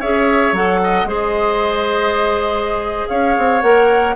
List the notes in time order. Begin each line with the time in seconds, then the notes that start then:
0.00 C#4 G#4 C#5 E5
0.53 F#3 A4 F#5
0.84 D#5
1.05 G#3 G#4 C5
1.11 D#5
3.08 C#4 C#5 F5
3.38 C4
3.62 A#3 A#4 F#5